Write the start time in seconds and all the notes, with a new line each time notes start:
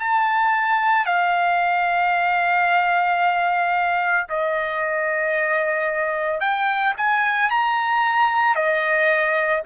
0.00 A5
1.06 F5
4.30 D#5
6.41 G5
6.97 G#5
7.50 A#5
8.56 D#5